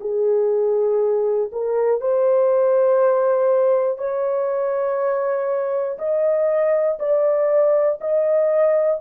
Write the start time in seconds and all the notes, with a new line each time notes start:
0.00 G#4
1.52 A#4
2.00 C5
3.98 C#5
5.98 D#5
6.99 D5
8.00 D#5